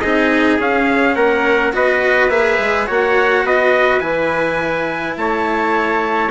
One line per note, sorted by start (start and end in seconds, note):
0.00 0.58 C4
0.00 0.59 D#4
0.00 1.15 G#4
0.00 0.57 D#5
0.58 1.15 C#4
0.58 1.73 C#4
0.58 1.15 F5
1.15 1.72 A#3
1.15 1.72 A#4
1.15 1.72 F#5
1.73 2.29 B3
1.73 2.30 F#4
1.73 2.86 B4
1.73 2.30 D#5
2.29 2.57 A#3
2.29 2.86 G#4
2.29 2.87 E5
2.59 2.87 G#3
2.86 3.44 A#3
2.86 4.00 F#4
2.86 3.44 C#5
2.86 3.46 F#5
3.44 4.01 B3
3.44 5.16 B4
3.44 4.00 D#5
4.00 5.15 E3
4.00 6.29 E4
4.00 5.15 G#5
5.16 6.30 A3
5.16 6.30 C#5
5.16 6.30 A5